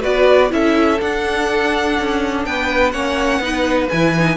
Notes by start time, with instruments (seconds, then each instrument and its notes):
0.00 cello B3, viola F#4, violin B4 D5
0.49 cello C#4, viola E4, violin A4 E5
1.01 viola D4, cello D4, violin F#5
1.99 cello C#4
2.45 cello B3, violin B4 G5
2.91 cello A#3, viola C#4, violin C#5 F#5
3.39 cello B3, viola D#4, violin B4
3.89 cello E3, viola E4, violin G#5
4.19 viola D#4